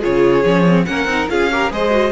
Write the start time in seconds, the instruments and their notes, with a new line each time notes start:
0.00 cello C#3, viola F4, violin G#4 C#5
0.44 cello F3, viola C#4
0.68 viola C4
0.85 cello A#3, viola C#4, violin A#4 F#5
1.04 cello C4, viola D#4
1.29 cello C#4, viola F4, violin G#4 F5
1.50 viola G4, violin A#4
1.71 cello G#3, viola G#4, violin C5 D#5
1.90 viola F#4